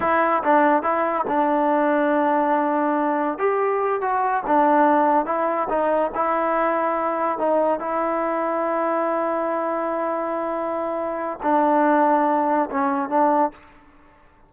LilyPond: \new Staff \with { instrumentName = "trombone" } { \time 4/4 \tempo 4 = 142 e'4 d'4 e'4 d'4~ | d'1 | g'4. fis'4 d'4.~ | d'8 e'4 dis'4 e'4.~ |
e'4. dis'4 e'4.~ | e'1~ | e'2. d'4~ | d'2 cis'4 d'4 | }